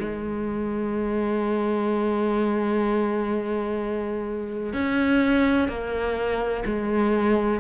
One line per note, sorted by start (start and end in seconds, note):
0.00 4.73 G#3
4.73 5.68 C#4
5.68 6.64 A#3
6.66 7.60 G#3